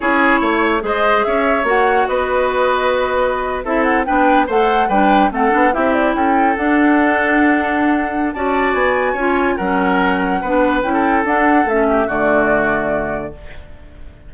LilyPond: <<
  \new Staff \with { instrumentName = "flute" } { \time 4/4 \tempo 4 = 144 cis''2 dis''4 e''4 | fis''4 dis''2.~ | dis''8. e''8 fis''8 g''4 fis''4 g''16~ | g''8. fis''4 e''8 d''8 g''4 fis''16~ |
fis''1 | a''4 gis''2 fis''4~ | fis''2 g''4 fis''4 | e''4 d''2. | }
  \new Staff \with { instrumentName = "oboe" } { \time 4/4 gis'4 cis''4 c''4 cis''4~ | cis''4 b'2.~ | b'8. a'4 b'4 c''4 b'16~ | b'8. a'4 g'4 a'4~ a'16~ |
a'1 | d''2 cis''4 ais'4~ | ais'4 b'4~ b'16 a'4.~ a'16~ | a'8 g'8 fis'2. | }
  \new Staff \with { instrumentName = "clarinet" } { \time 4/4 e'2 gis'2 | fis'1~ | fis'8. e'4 d'4 a'4 d'16~ | d'8. c'8 d'8 e'2 d'16~ |
d'1 | fis'2 f'4 cis'4~ | cis'4 d'4 e'4 d'4 | cis'4 a2. | }
  \new Staff \with { instrumentName = "bassoon" } { \time 4/4 cis'4 a4 gis4 cis'4 | ais4 b2.~ | b8. c'4 b4 a4 g16~ | g8. a8 b8 c'4 cis'4 d'16~ |
d'1 | cis'4 b4 cis'4 fis4~ | fis4 b4 cis'4 d'4 | a4 d2. | }
>>